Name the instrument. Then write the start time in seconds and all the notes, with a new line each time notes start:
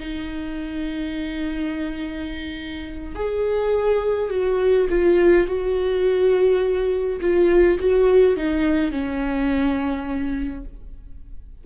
viola
0.00 D#4
3.16 G#4
4.31 F#4
4.90 F4
5.48 F#4
7.21 F4
7.80 F#4
8.37 D#4
8.92 C#4